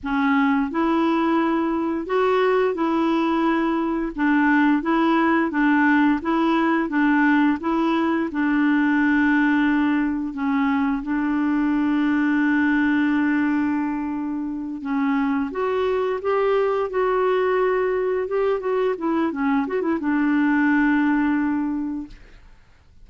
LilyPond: \new Staff \with { instrumentName = "clarinet" } { \time 4/4 \tempo 4 = 87 cis'4 e'2 fis'4 | e'2 d'4 e'4 | d'4 e'4 d'4 e'4 | d'2. cis'4 |
d'1~ | d'4. cis'4 fis'4 g'8~ | g'8 fis'2 g'8 fis'8 e'8 | cis'8 fis'16 e'16 d'2. | }